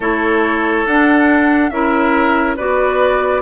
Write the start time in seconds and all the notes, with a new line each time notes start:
0.00 A3 E4 A4 C#5
0.86 D4 F#5
1.69 C#4 E4 A#4 E5
2.56 B3 F#4 B4 D5